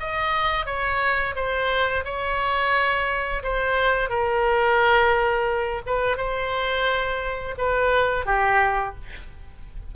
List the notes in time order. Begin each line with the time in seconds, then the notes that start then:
0.00 D#5
0.66 C#5
1.35 C5
2.05 C#5
3.43 C5
4.09 A#4
5.87 B4
6.17 C5
7.58 B4
8.26 G4